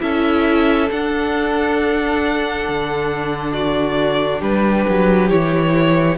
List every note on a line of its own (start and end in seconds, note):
0.00 0.90 C#4
0.00 0.88 E4
0.00 3.52 A4
0.00 0.90 E5
0.91 5.29 D4
0.91 2.68 D4
0.91 3.53 F#5
2.69 4.41 D3
3.52 4.40 F#4
3.52 4.41 D5
4.40 4.85 G3
4.40 6.17 G4
4.40 5.29 B4
4.89 5.31 F#3
5.29 6.18 E3
5.29 6.17 E4
5.29 6.17 C#5